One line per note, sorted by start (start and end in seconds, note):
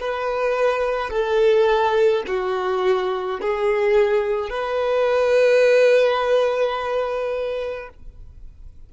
0.00 1.10 B4
1.10 2.23 A4
2.27 3.40 F#4
3.41 4.49 G#4
4.49 7.89 B4